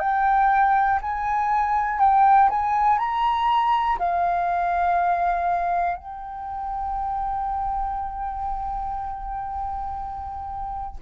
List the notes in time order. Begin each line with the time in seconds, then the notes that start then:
0.00 G5
1.02 G#5
2.00 G5
2.50 G#5
2.99 A#5
3.99 F5
5.97 G5